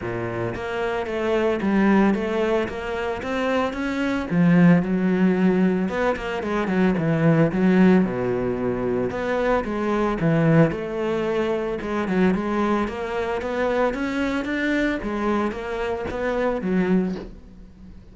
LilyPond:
\new Staff \with { instrumentName = "cello" } { \time 4/4 \tempo 4 = 112 ais,4 ais4 a4 g4 | a4 ais4 c'4 cis'4 | f4 fis2 b8 ais8 | gis8 fis8 e4 fis4 b,4~ |
b,4 b4 gis4 e4 | a2 gis8 fis8 gis4 | ais4 b4 cis'4 d'4 | gis4 ais4 b4 fis4 | }